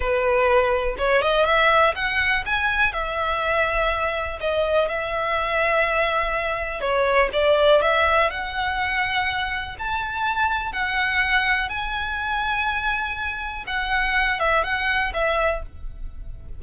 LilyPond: \new Staff \with { instrumentName = "violin" } { \time 4/4 \tempo 4 = 123 b'2 cis''8 dis''8 e''4 | fis''4 gis''4 e''2~ | e''4 dis''4 e''2~ | e''2 cis''4 d''4 |
e''4 fis''2. | a''2 fis''2 | gis''1 | fis''4. e''8 fis''4 e''4 | }